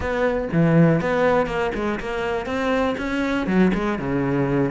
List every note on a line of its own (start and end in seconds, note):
0.00 0.48 B3
0.52 1.01 E3
1.01 1.46 B3
1.46 1.71 A#3
1.74 1.99 G#3
2.00 2.46 A#3
2.46 2.95 C4
2.97 3.47 C#4
3.47 3.71 F#3
3.74 3.98 G#3
3.98 4.71 C#3